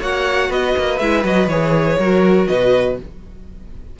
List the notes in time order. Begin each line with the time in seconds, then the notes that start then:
0.00 A#3 F#4 C#5 F#5
0.49 B3 B4 D#5
0.78 A#3
0.99 G#3 E4 E5
1.24 F#3 F#4 D#5
1.47 E3 G#4 C#5
1.98 F#3 F#4 A#4
2.47 B2 B4 D#5